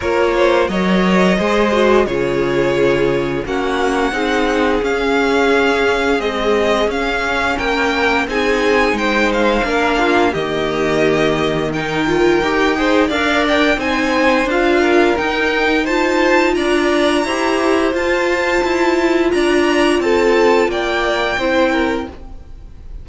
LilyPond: <<
  \new Staff \with { instrumentName = "violin" } { \time 4/4 \tempo 4 = 87 cis''4 dis''2 cis''4~ | cis''4 fis''2 f''4~ | f''4 dis''4 f''4 g''4 | gis''4 g''8 f''4. dis''4~ |
dis''4 g''2 f''8 g''8 | gis''4 f''4 g''4 a''4 | ais''2 a''2 | ais''4 a''4 g''2 | }
  \new Staff \with { instrumentName = "violin" } { \time 4/4 ais'8 c''8 cis''4 c''4 gis'4~ | gis'4 fis'4 gis'2~ | gis'2. ais'4 | gis'4 c''4 ais'8 f'8 g'4~ |
g'4 ais'4. c''8 d''4 | c''4. ais'4. c''4 | d''4 c''2. | d''4 a'4 d''4 c''8 ais'8 | }
  \new Staff \with { instrumentName = "viola" } { \time 4/4 f'4 ais'4 gis'8 fis'8 f'4~ | f'4 cis'4 dis'4 cis'4~ | cis'4 gis4 cis'2 | dis'2 d'4 ais4~ |
ais4 dis'8 f'8 g'8 gis'8 ais'4 | dis'4 f'4 dis'4 f'4~ | f'4 g'4 f'2~ | f'2. e'4 | }
  \new Staff \with { instrumentName = "cello" } { \time 4/4 ais4 fis4 gis4 cis4~ | cis4 ais4 c'4 cis'4~ | cis'4 c'4 cis'4 ais4 | c'4 gis4 ais4 dis4~ |
dis2 dis'4 d'4 | c'4 d'4 dis'2 | d'4 e'4 f'4 e'4 | d'4 c'4 ais4 c'4 | }
>>